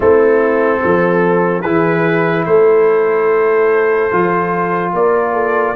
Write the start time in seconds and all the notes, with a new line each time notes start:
0.00 A3 C4 E4 A4
0.84 F3 A4
1.61 E3 E4 G#4 B4
2.45 A3 A4 C5
4.11 F3 F4
4.93 A#3 A#4 D5
5.33 A4